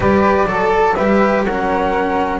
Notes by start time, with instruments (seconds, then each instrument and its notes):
0.00 double bass G3, cello G4, flute B4 D5
0.46 double bass F#3, cello A4, flute A4
0.94 double bass G3, cello G4, flute B4 E5
1.43 double bass F#3, cello C#4, flute A#4 F#5